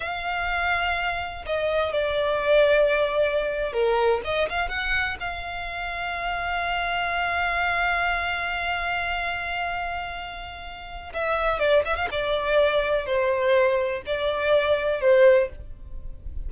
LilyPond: \new Staff \with { instrumentName = "violin" } { \time 4/4 \tempo 4 = 124 f''2. dis''4 | d''2.~ d''8. ais'16~ | ais'8. dis''8 f''8 fis''4 f''4~ f''16~ | f''1~ |
f''1~ | f''2. e''4 | d''8 e''16 f''16 d''2 c''4~ | c''4 d''2 c''4 | }